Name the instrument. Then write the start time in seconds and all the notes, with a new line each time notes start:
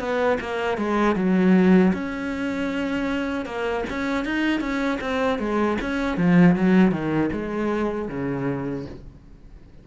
cello
0.00 B3
0.41 A#3
0.78 G#3
1.16 F#3
1.94 C#4
3.46 A#3
3.90 C#4
4.25 D#4
4.61 C#4
5.01 C4
5.40 G#3
5.82 C#4
6.18 F3
6.56 F#3
6.92 D#3
7.33 G#3
8.09 C#3